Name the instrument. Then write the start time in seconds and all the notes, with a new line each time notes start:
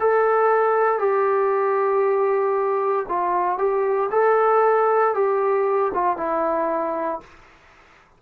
trombone
0.00 A4
0.99 G4
3.08 F4
3.58 G4
4.11 A4
5.14 G4
5.94 F4
6.17 E4